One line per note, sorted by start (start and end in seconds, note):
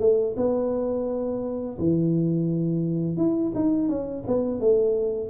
0.00 0.35 A3
0.37 1.78 B3
1.78 3.17 E3
3.17 3.52 E4
3.55 3.89 D#4
3.89 4.24 C#4
4.27 4.60 B3
4.60 5.30 A3